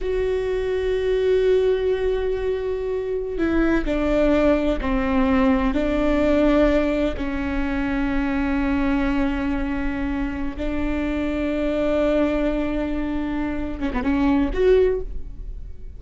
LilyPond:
\new Staff \with { instrumentName = "viola" } { \time 4/4 \tempo 4 = 128 fis'1~ | fis'2.~ fis'16 e'8.~ | e'16 d'2 c'4.~ c'16~ | c'16 d'2. cis'8.~ |
cis'1~ | cis'2~ cis'8 d'4.~ | d'1~ | d'4. cis'16 b16 cis'4 fis'4 | }